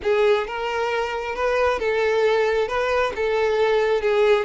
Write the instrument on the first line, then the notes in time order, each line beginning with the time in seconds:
violin
0.02 G#4
0.47 A#4
1.35 B4
1.79 A4
2.68 B4
3.15 A4
4.01 G#4